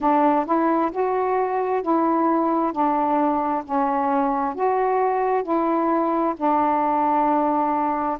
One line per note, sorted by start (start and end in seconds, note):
0.00 0.45 D4
0.45 0.91 E4
0.91 1.82 F#4
1.82 2.72 E4
2.72 3.63 D4
3.64 4.55 C#4
4.55 5.43 F#4
5.43 6.34 E4
6.36 8.18 D4